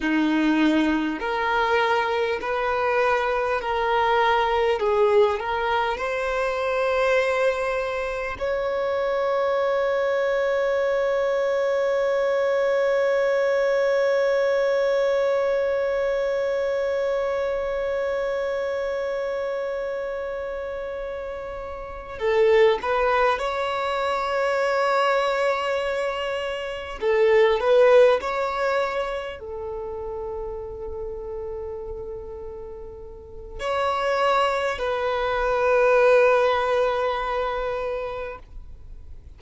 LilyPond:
\new Staff \with { instrumentName = "violin" } { \time 4/4 \tempo 4 = 50 dis'4 ais'4 b'4 ais'4 | gis'8 ais'8 c''2 cis''4~ | cis''1~ | cis''1~ |
cis''2~ cis''8 a'8 b'8 cis''8~ | cis''2~ cis''8 a'8 b'8 cis''8~ | cis''8 a'2.~ a'8 | cis''4 b'2. | }